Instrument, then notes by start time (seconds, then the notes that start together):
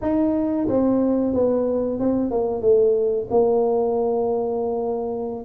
tuba
0.01 D#4
0.67 C4
1.33 B3
1.99 C4
2.30 A#3
2.61 A3
3.30 A#3